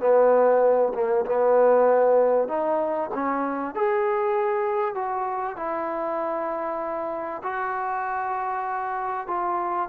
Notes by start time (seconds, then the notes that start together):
0.00 B3
0.94 A#3
1.26 B3
2.48 D#4
3.14 C#4
3.75 G#4
4.95 F#4
5.56 E4
7.43 F#4
9.27 F4